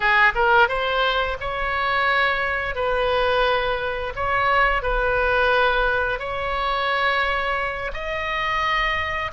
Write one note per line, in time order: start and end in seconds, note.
0.00 0.33 G#4
0.34 0.68 A#4
0.68 1.37 C5
1.40 2.75 C#5
2.75 4.13 B4
4.15 4.82 C#5
4.82 6.19 B4
6.19 7.91 C#5
7.93 9.31 D#5